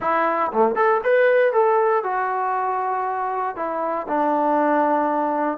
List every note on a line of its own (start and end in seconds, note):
0.00 0.51 E4
0.52 0.75 A3
0.75 1.01 A4
1.03 1.53 B4
1.53 2.03 A4
2.03 3.55 F#4
3.55 4.06 E4
4.07 5.57 D4